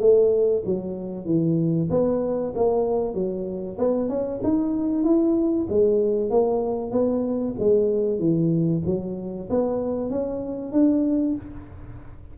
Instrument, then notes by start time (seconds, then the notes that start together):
tuba
0.00 A3
0.65 F#3
1.25 E3
1.90 B3
2.56 A#3
3.14 F#3
3.78 B3
4.09 C#4
4.44 D#4
5.04 E4
5.70 G#3
6.30 A#3
6.91 B3
7.59 G#3
8.19 E3
8.86 F#3
9.50 B3
10.10 C#4
10.72 D4